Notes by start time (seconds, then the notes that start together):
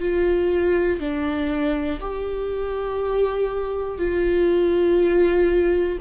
0.00 F4
1.00 D4
2.00 G4
3.98 F4